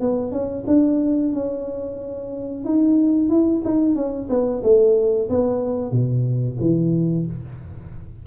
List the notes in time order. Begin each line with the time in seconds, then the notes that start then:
0.00 B3
0.31 C#4
0.67 D4
1.33 C#4
2.64 D#4
3.29 E4
3.64 D#4
3.96 C#4
4.29 B3
4.63 A3
5.30 B3
5.92 B2
6.60 E3